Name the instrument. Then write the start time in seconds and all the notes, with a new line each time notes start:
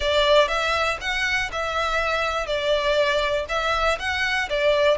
violin
0.00 D5
0.47 E5
1.01 F#5
1.51 E5
2.46 D5
3.48 E5
3.99 F#5
4.49 D5